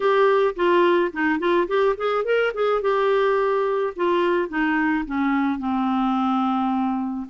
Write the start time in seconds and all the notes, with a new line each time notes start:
0.00 G4
0.55 F4
1.12 D#4
1.39 F4
1.67 G4
1.97 G#4
2.24 A#4
2.54 G#4
2.81 G4
3.96 F4
4.49 D#4
5.05 C#4
5.58 C4